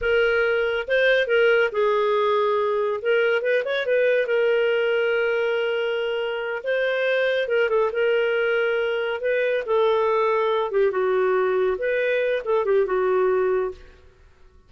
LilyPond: \new Staff \with { instrumentName = "clarinet" } { \time 4/4 \tempo 4 = 140 ais'2 c''4 ais'4 | gis'2. ais'4 | b'8 cis''8 b'4 ais'2~ | ais'2.~ ais'8 c''8~ |
c''4. ais'8 a'8 ais'4.~ | ais'4. b'4 a'4.~ | a'4 g'8 fis'2 b'8~ | b'4 a'8 g'8 fis'2 | }